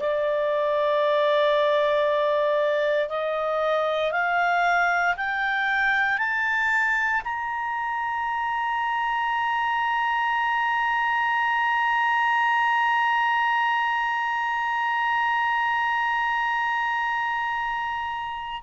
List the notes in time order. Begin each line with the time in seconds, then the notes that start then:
0.00 D5
3.09 D#5
4.11 F5
5.17 G5
6.18 A5
7.25 A#5